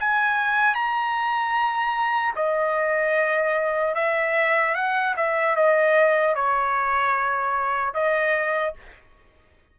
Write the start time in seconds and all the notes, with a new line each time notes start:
0.00 G#5
0.75 A#5
2.36 D#5
3.95 E5
4.75 F#5
5.16 E5
5.56 D#5
6.35 C#5
7.94 D#5